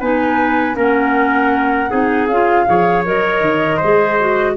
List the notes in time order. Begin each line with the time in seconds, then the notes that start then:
0.00 B3 D#4 B4 G#5
0.75 A#3 C#4 A#4
0.81 F#5
1.90 C4 D#4 G#4
2.27 C#4 F4 F5
2.67 F3 G#4 C#5
3.05 F#3 A#4 D#5
3.40 D#3
3.77 G#3 C5
3.83 G#4
4.20 F#4